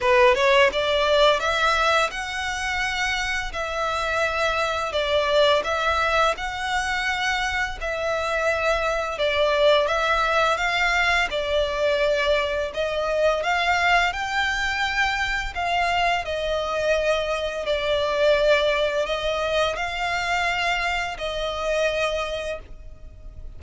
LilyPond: \new Staff \with { instrumentName = "violin" } { \time 4/4 \tempo 4 = 85 b'8 cis''8 d''4 e''4 fis''4~ | fis''4 e''2 d''4 | e''4 fis''2 e''4~ | e''4 d''4 e''4 f''4 |
d''2 dis''4 f''4 | g''2 f''4 dis''4~ | dis''4 d''2 dis''4 | f''2 dis''2 | }